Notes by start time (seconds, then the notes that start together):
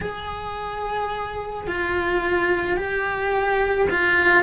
0.00 G#4
1.67 F4
2.76 G4
3.90 F4